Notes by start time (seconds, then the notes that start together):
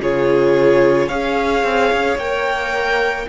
0.00 C#3 F4 G#4 C#5
1.07 C#4 G#4 C#5 F5
1.64 C4
1.92 C#4
2.17 A#3 A#4 G5